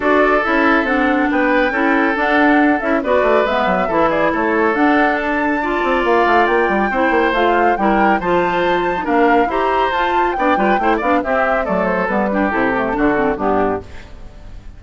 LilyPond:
<<
  \new Staff \with { instrumentName = "flute" } { \time 4/4 \tempo 4 = 139 d''4 e''4 fis''4 g''4~ | g''4 fis''4. e''8 d''4 | e''4. d''8 cis''4 fis''4 | a''2 f''4 g''4~ |
g''4 f''4 g''4 a''4~ | a''4 f''4 ais''4 a''4 | g''4. f''8 e''4 d''8 c''8 | b'4 a'2 g'4 | }
  \new Staff \with { instrumentName = "oboe" } { \time 4/4 a'2. b'4 | a'2. b'4~ | b'4 a'8 gis'8 a'2~ | a'4 d''2. |
c''2 ais'4 c''4~ | c''4 ais'4 c''2 | d''8 b'8 c''8 d''8 g'4 a'4~ | a'8 g'4. fis'4 d'4 | }
  \new Staff \with { instrumentName = "clarinet" } { \time 4/4 fis'4 e'4 d'2 | e'4 d'4. e'8 fis'4 | b4 e'2 d'4~ | d'4 f'2. |
e'4 f'4 e'4 f'4~ | f'8. dis'16 d'4 g'4 f'4 | d'8 f'8 e'8 d'8 c'4 a4 | b8 d'8 e'8 a8 d'8 c'8 b4 | }
  \new Staff \with { instrumentName = "bassoon" } { \time 4/4 d'4 cis'4 c'4 b4 | cis'4 d'4. cis'8 b8 a8 | gis8 fis8 e4 a4 d'4~ | d'4. c'8 ais8 a8 ais8 g8 |
c'8 ais8 a4 g4 f4~ | f4 ais4 e'4 f'4 | b8 g8 a8 b8 c'4 fis4 | g4 c4 d4 g,4 | }
>>